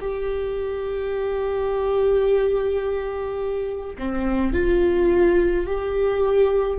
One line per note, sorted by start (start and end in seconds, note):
0.00 3.96 G4
3.98 4.53 C4
4.53 5.66 F4
5.66 6.78 G4